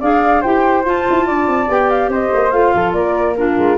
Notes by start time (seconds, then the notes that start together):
0.00 D4 G#4 D5 F5
0.41 E4 G4 C5 G5
0.84 F4 A5
1.10 E4
1.26 D4 D5
1.47 C4
1.68 B3 G4 G5
1.90 F5
2.08 C4 C5 D#5
2.33 A#3
2.51 A3 F4 F5
2.74 F3 A4
2.93 A#3 A#4 D5
3.36 D4 F4 A#4
3.58 G#3